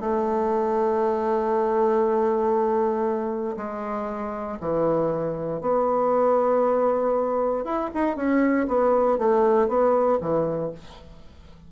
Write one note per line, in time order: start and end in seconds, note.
0.00 3.56 A3
3.57 4.58 G#3
4.60 5.61 E3
5.61 7.64 B3
7.64 7.90 E4
7.94 8.16 D#4
8.16 8.67 C#4
8.68 9.18 B3
9.18 9.68 A3
9.68 10.19 B3
10.20 10.71 E3